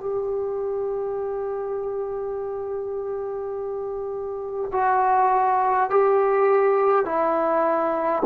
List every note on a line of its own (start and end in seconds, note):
0.00 4.71 G4
4.72 5.89 F#4
5.89 7.05 G4
7.05 8.22 E4